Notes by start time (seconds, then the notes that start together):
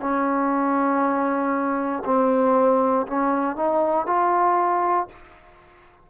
0.00 C#4
2.04 C4
3.07 C#4
3.56 D#4
4.06 F4